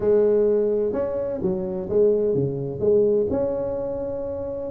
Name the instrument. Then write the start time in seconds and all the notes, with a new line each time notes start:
tuba
0.00 G#3
0.93 C#4
1.42 F#3
1.89 G#3
2.34 C#3
2.80 G#3
3.30 C#4